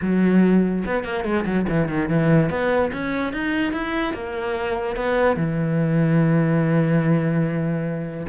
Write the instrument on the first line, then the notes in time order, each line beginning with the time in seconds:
cello
0.01 F#3
0.85 B3
1.04 A#3
1.24 G#3
1.45 F#3
1.68 E3
1.88 D#3
2.08 E3
2.50 B3
2.92 C#4
3.32 D#4
3.72 E4
4.13 A#3
4.96 B3
5.36 E3